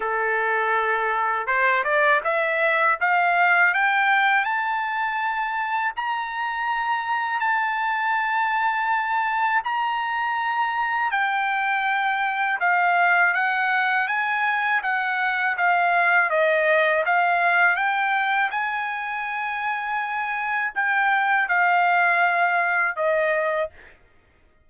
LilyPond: \new Staff \with { instrumentName = "trumpet" } { \time 4/4 \tempo 4 = 81 a'2 c''8 d''8 e''4 | f''4 g''4 a''2 | ais''2 a''2~ | a''4 ais''2 g''4~ |
g''4 f''4 fis''4 gis''4 | fis''4 f''4 dis''4 f''4 | g''4 gis''2. | g''4 f''2 dis''4 | }